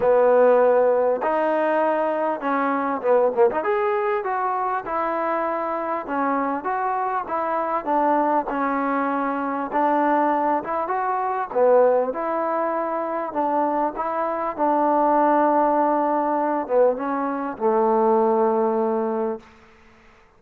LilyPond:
\new Staff \with { instrumentName = "trombone" } { \time 4/4 \tempo 4 = 99 b2 dis'2 | cis'4 b8 ais16 dis'16 gis'4 fis'4 | e'2 cis'4 fis'4 | e'4 d'4 cis'2 |
d'4. e'8 fis'4 b4 | e'2 d'4 e'4 | d'2.~ d'8 b8 | cis'4 a2. | }